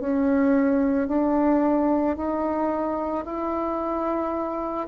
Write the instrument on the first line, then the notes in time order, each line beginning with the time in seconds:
bassoon
0.00 C#4
1.08 D4
2.17 D#4
3.25 E4